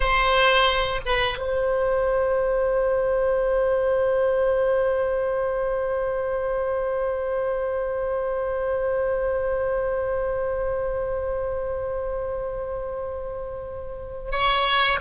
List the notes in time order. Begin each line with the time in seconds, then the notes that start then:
0.00 C5
1.05 B4
1.38 C5
14.31 C#5